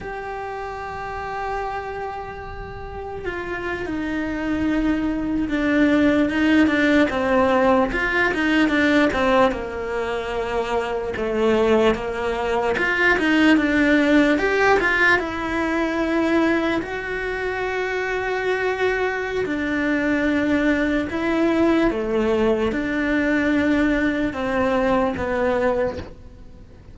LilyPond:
\new Staff \with { instrumentName = "cello" } { \time 4/4 \tempo 4 = 74 g'1 | f'8. dis'2 d'4 dis'16~ | dis'16 d'8 c'4 f'8 dis'8 d'8 c'8 ais16~ | ais4.~ ais16 a4 ais4 f'16~ |
f'16 dis'8 d'4 g'8 f'8 e'4~ e'16~ | e'8. fis'2.~ fis'16 | d'2 e'4 a4 | d'2 c'4 b4 | }